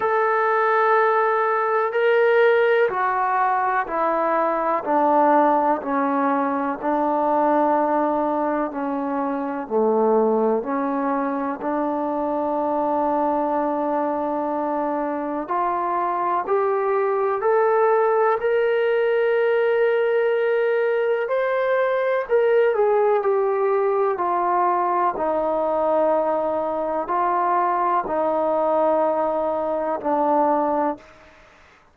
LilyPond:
\new Staff \with { instrumentName = "trombone" } { \time 4/4 \tempo 4 = 62 a'2 ais'4 fis'4 | e'4 d'4 cis'4 d'4~ | d'4 cis'4 a4 cis'4 | d'1 |
f'4 g'4 a'4 ais'4~ | ais'2 c''4 ais'8 gis'8 | g'4 f'4 dis'2 | f'4 dis'2 d'4 | }